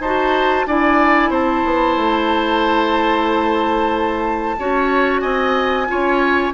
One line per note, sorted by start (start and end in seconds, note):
0.00 0.65 D#4
0.00 0.68 F#4
0.00 0.66 C5
0.00 0.67 A5
0.67 1.31 D4
0.67 4.59 E4
0.67 1.30 D5
0.67 1.33 G#5
1.30 1.63 C4
1.30 4.57 C5
1.30 5.22 A5
1.65 1.97 B3
1.97 4.58 A3
4.59 5.24 C#4
4.59 5.87 F#4
4.59 5.22 C#5
5.22 5.89 C4
5.22 5.87 D#5
5.22 6.52 G#5
5.87 6.54 C#4
5.87 6.53 F4
5.87 6.54 C#5